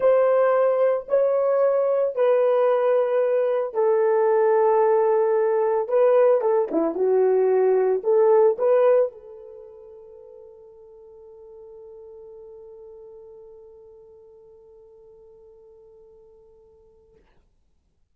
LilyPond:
\new Staff \with { instrumentName = "horn" } { \time 4/4 \tempo 4 = 112 c''2 cis''2 | b'2. a'4~ | a'2. b'4 | a'8 e'8 fis'2 a'4 |
b'4 a'2.~ | a'1~ | a'1~ | a'1 | }